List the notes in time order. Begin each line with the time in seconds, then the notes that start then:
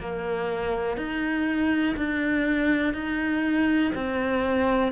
0.00 A#3
0.97 D#4
1.97 D4
2.94 D#4
3.95 C4